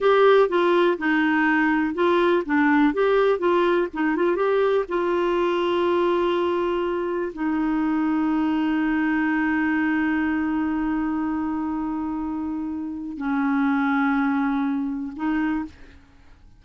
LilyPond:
\new Staff \with { instrumentName = "clarinet" } { \time 4/4 \tempo 4 = 123 g'4 f'4 dis'2 | f'4 d'4 g'4 f'4 | dis'8 f'8 g'4 f'2~ | f'2. dis'4~ |
dis'1~ | dis'1~ | dis'2. cis'4~ | cis'2. dis'4 | }